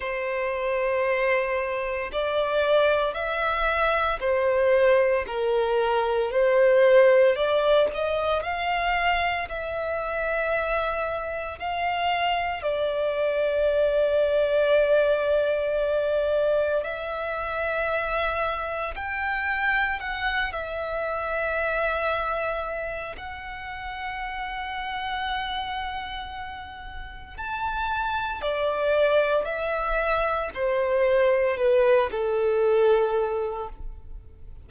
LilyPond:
\new Staff \with { instrumentName = "violin" } { \time 4/4 \tempo 4 = 57 c''2 d''4 e''4 | c''4 ais'4 c''4 d''8 dis''8 | f''4 e''2 f''4 | d''1 |
e''2 g''4 fis''8 e''8~ | e''2 fis''2~ | fis''2 a''4 d''4 | e''4 c''4 b'8 a'4. | }